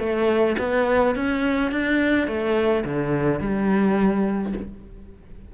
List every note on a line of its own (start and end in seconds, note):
0.00 0.57 A3
0.59 1.16 B3
1.16 1.72 C#4
1.72 2.28 D4
2.28 2.84 A3
2.85 3.40 D3
3.40 4.53 G3